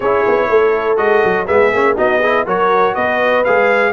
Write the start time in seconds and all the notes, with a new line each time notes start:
0.00 C#4 E4 G#4 C#5
0.27 B3
0.48 A3 A4
0.97 G#3 F#4 D#5
1.24 F#3
1.47 G#3 B3 G#4 E5
1.72 A#3 C#4
1.95 B3 D#4 F#4 D#5
2.19 E4 G#4
2.45 F#3 F#4 A#4 C#5
2.94 B3 B4 D#5
3.44 G#3 G#4 F5